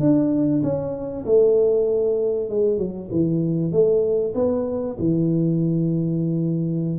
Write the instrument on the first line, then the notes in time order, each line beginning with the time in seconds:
tuba
0.00 D4
0.63 C#4
1.26 A3
2.50 G#3
2.78 F#3
3.11 E3
3.72 A3
4.35 B3
4.99 E3